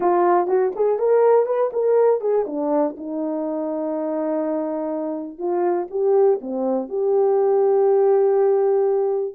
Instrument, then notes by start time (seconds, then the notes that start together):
horn
0.00 F4
0.47 F#4
0.75 G#4
0.98 A#4
1.46 B4
1.73 A#4
2.20 G#4
2.46 D4
2.97 D#4
5.38 F4
5.90 G4
6.41 C4
6.88 G4